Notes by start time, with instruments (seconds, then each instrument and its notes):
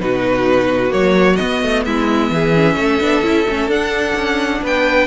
0.00 cello B2, viola D#4, violin F#4 B4
0.90 cello F#3, viola A#3, violin C#5
1.36 viola B3, cello B3, violin D#5
1.63 cello A3
1.85 cello G#3, violin E4 E5
2.30 cello E3, violin G#4
2.55 viola C#4
2.75 cello A3, violin A4
3.00 cello B3, viola D4
3.22 cello C#4, viola E4
3.48 cello A3, viola C#4
3.67 cello D4, viola D4, violin F#5
4.15 cello C#4
4.62 cello B3, violin B4 G5